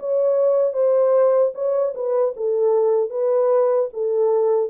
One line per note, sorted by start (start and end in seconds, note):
0.00 0.74 C#5
0.74 1.53 C5
1.54 1.94 C#5
1.95 2.34 B4
2.37 3.10 A4
3.10 3.89 B4
3.94 4.70 A4